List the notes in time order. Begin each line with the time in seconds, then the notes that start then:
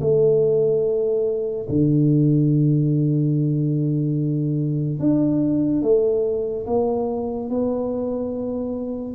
0.00 A3
1.69 D3
4.99 D4
5.82 A3
6.66 A#3
7.50 B3